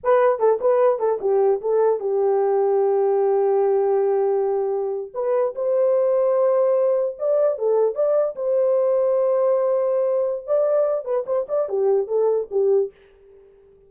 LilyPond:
\new Staff \with { instrumentName = "horn" } { \time 4/4 \tempo 4 = 149 b'4 a'8 b'4 a'8 g'4 | a'4 g'2.~ | g'1~ | g'8. b'4 c''2~ c''16~ |
c''4.~ c''16 d''4 a'4 d''16~ | d''8. c''2.~ c''16~ | c''2 d''4. b'8 | c''8 d''8 g'4 a'4 g'4 | }